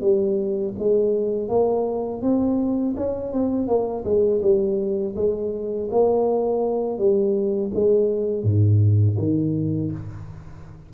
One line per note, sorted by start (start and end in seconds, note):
0.00 0.73 G3
0.78 1.48 G#3
1.48 2.21 A#3
2.21 2.94 C4
2.96 3.32 C#4
3.32 3.67 C4
3.67 4.03 A#3
4.04 4.41 G#3
4.42 5.15 G3
5.15 5.88 G#3
5.91 6.98 A#3
6.98 7.71 G3
7.74 8.43 G#3
8.43 9.16 G#2
9.18 9.91 D#3